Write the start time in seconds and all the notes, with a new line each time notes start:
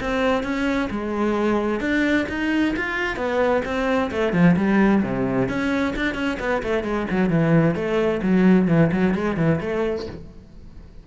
0.00 C4
0.43 C#4
0.90 G#3
1.80 D4
2.29 D#4
2.76 F4
3.16 B3
3.65 C4
4.11 A3
4.32 F3
4.56 G3
5.03 C3
5.49 C#4
5.96 D4
6.14 C#4
6.39 B3
6.62 A3
6.83 G#3
7.10 F#3
7.29 E3
7.75 A3
8.22 F#3
8.68 E3
8.91 F#3
9.14 G#3
9.36 E3
9.60 A3